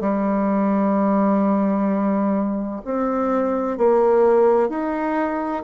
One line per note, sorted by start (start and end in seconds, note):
0.00 2.81 G3
2.85 3.77 C4
3.77 4.69 A#3
4.69 5.63 D#4